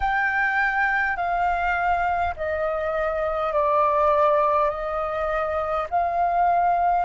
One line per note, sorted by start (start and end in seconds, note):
0.00 1.16 G5
1.16 2.34 F5
2.36 3.52 D#5
3.52 4.69 D5
4.69 5.87 D#5
5.89 7.05 F5